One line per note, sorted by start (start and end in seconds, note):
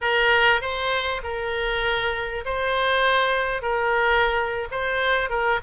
0.01 0.61 A#4
0.61 1.21 C5
1.23 2.44 A#4
2.45 3.61 C5
3.61 4.67 A#4
4.71 5.29 C5
5.29 5.59 A#4